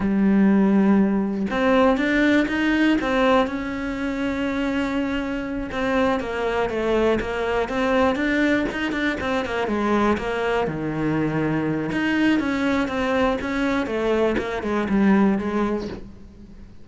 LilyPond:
\new Staff \with { instrumentName = "cello" } { \time 4/4 \tempo 4 = 121 g2. c'4 | d'4 dis'4 c'4 cis'4~ | cis'2.~ cis'8 c'8~ | c'8 ais4 a4 ais4 c'8~ |
c'8 d'4 dis'8 d'8 c'8 ais8 gis8~ | gis8 ais4 dis2~ dis8 | dis'4 cis'4 c'4 cis'4 | a4 ais8 gis8 g4 gis4 | }